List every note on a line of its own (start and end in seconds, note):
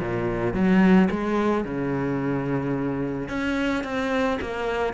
0.00 0.54 A#2
0.54 1.09 F#3
1.11 1.65 G#3
1.65 3.29 C#3
3.29 3.84 C#4
3.84 4.39 C4
4.42 4.94 A#3